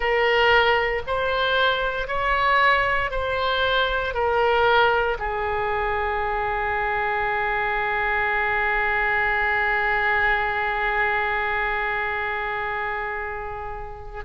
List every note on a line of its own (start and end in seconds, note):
0.00 1.02 A#4
1.06 2.07 C5
2.07 3.10 C#5
3.10 4.14 C5
4.14 5.17 A#4
5.19 14.24 G#4